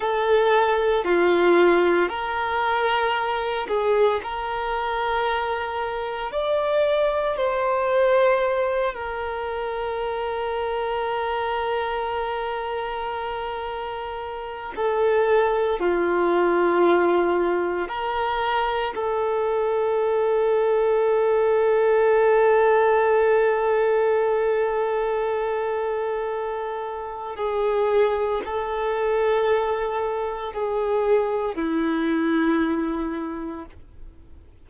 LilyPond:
\new Staff \with { instrumentName = "violin" } { \time 4/4 \tempo 4 = 57 a'4 f'4 ais'4. gis'8 | ais'2 d''4 c''4~ | c''8 ais'2.~ ais'8~ | ais'2 a'4 f'4~ |
f'4 ais'4 a'2~ | a'1~ | a'2 gis'4 a'4~ | a'4 gis'4 e'2 | }